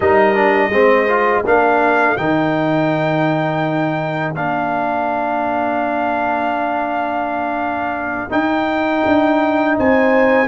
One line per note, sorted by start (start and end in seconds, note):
0.00 0.69 G3
0.00 0.34 D#4
0.00 0.70 A#4
0.00 1.44 D#5
0.34 0.71 D4
0.69 1.41 G#3
0.69 1.08 C4
0.69 1.45 C5
1.08 1.44 F4
1.45 2.17 A#3
1.45 2.18 D4
1.45 9.76 A#4
1.45 2.16 F5
2.16 4.34 D#3
2.16 4.35 D#4
2.16 4.33 G5
4.34 8.31 A#3
4.34 8.29 D4
4.34 8.31 F5
8.29 10.46 D#4
8.29 9.03 D#4
8.29 9.76 G5
9.05 9.77 D4
9.77 10.48 C4
9.77 10.48 C5
9.77 10.48 G#5